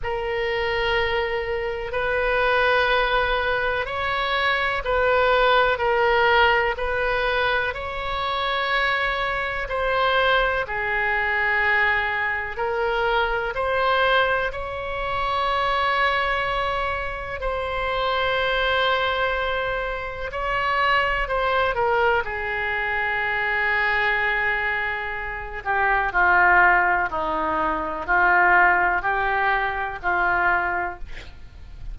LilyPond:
\new Staff \with { instrumentName = "oboe" } { \time 4/4 \tempo 4 = 62 ais'2 b'2 | cis''4 b'4 ais'4 b'4 | cis''2 c''4 gis'4~ | gis'4 ais'4 c''4 cis''4~ |
cis''2 c''2~ | c''4 cis''4 c''8 ais'8 gis'4~ | gis'2~ gis'8 g'8 f'4 | dis'4 f'4 g'4 f'4 | }